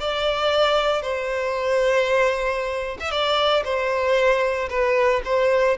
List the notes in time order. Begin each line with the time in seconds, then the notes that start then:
0.00 D5
1.02 C5
3.00 E5
3.11 D5
3.64 C5
4.70 B4
5.25 C5